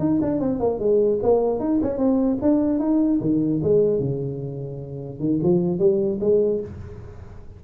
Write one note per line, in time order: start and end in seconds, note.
0.00 0.20 D#4
0.22 0.41 D4
0.41 0.60 C4
0.60 0.80 A#3
0.80 1.20 G#3
1.23 1.60 A#3
1.60 1.80 D#4
1.83 1.98 C#4
1.98 2.38 C4
2.42 2.80 D4
2.80 3.20 D#4
3.21 3.61 D#3
3.63 4.00 G#3
4.00 5.20 C#3
5.20 5.40 D#3
5.43 5.79 F3
5.79 6.19 G3
6.21 6.61 G#3